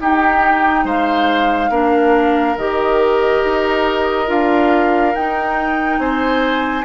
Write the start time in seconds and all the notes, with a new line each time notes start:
0.00 D#4 G4 G5
0.84 G#3 C5 F5
1.69 A#3 D4 A#4
2.56 D#3 G4 D#5
3.44 D#4
4.26 D4 F4 F5
5.14 D#4 G5
5.98 C4 C5 G#5